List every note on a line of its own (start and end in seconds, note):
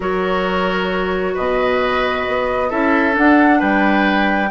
0.00 1.35 F#3
0.00 2.70 F#4
0.00 1.34 A#4
0.00 1.35 C#5
1.34 2.27 B2
1.34 2.69 B4
1.34 2.70 D#5
2.27 2.71 B3
2.69 3.16 C#4
2.69 3.11 E4
2.69 3.59 A4
2.69 3.15 E5
3.11 4.47 D4
3.11 3.61 D4
3.11 3.60 F#5
3.59 4.50 G3
3.59 4.49 B4
3.59 4.50 G5